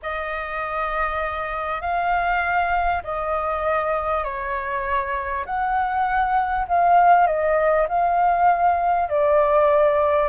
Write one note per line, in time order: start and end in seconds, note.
0.02 1.81 D#5
1.81 3.02 F5
3.03 4.23 D#5
4.23 5.45 C#5
5.45 6.66 F#5
6.67 7.26 F5
7.26 7.87 D#5
7.88 9.09 F5
9.09 10.29 D5